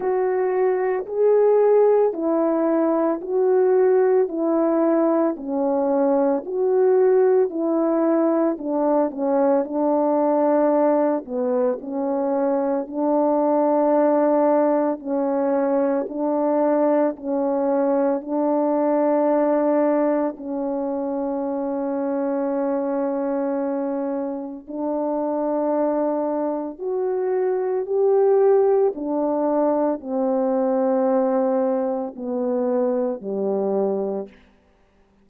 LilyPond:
\new Staff \with { instrumentName = "horn" } { \time 4/4 \tempo 4 = 56 fis'4 gis'4 e'4 fis'4 | e'4 cis'4 fis'4 e'4 | d'8 cis'8 d'4. b8 cis'4 | d'2 cis'4 d'4 |
cis'4 d'2 cis'4~ | cis'2. d'4~ | d'4 fis'4 g'4 d'4 | c'2 b4 g4 | }